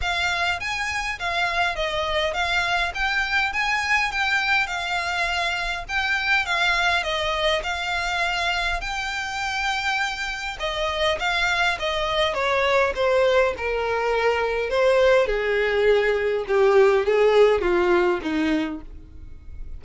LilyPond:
\new Staff \with { instrumentName = "violin" } { \time 4/4 \tempo 4 = 102 f''4 gis''4 f''4 dis''4 | f''4 g''4 gis''4 g''4 | f''2 g''4 f''4 | dis''4 f''2 g''4~ |
g''2 dis''4 f''4 | dis''4 cis''4 c''4 ais'4~ | ais'4 c''4 gis'2 | g'4 gis'4 f'4 dis'4 | }